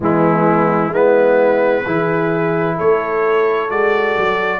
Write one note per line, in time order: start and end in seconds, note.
0.00 0.89 E3
0.00 0.93 G#3
0.00 0.89 B3
0.00 0.93 E4
0.89 1.81 G#3
0.89 1.85 B3
0.89 1.82 E4
0.89 2.78 B4
1.83 2.78 E3
1.83 3.68 E4
1.83 2.75 G#4
2.76 3.70 A3
2.76 4.59 A4
2.76 3.70 C#5
3.68 4.16 G#3
3.68 4.59 F#4
3.68 4.59 D5
4.17 4.59 F#3